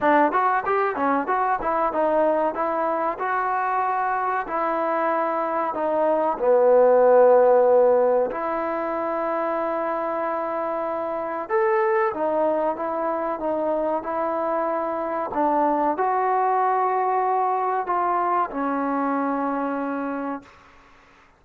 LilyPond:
\new Staff \with { instrumentName = "trombone" } { \time 4/4 \tempo 4 = 94 d'8 fis'8 g'8 cis'8 fis'8 e'8 dis'4 | e'4 fis'2 e'4~ | e'4 dis'4 b2~ | b4 e'2.~ |
e'2 a'4 dis'4 | e'4 dis'4 e'2 | d'4 fis'2. | f'4 cis'2. | }